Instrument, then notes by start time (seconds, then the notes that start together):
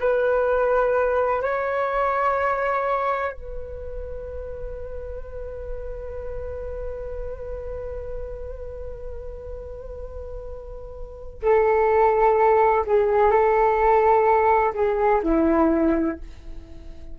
flute
0.00 B4
1.42 C#5
3.32 B4
11.42 A4
12.86 G#4
13.31 A4
14.74 G#4
15.23 E4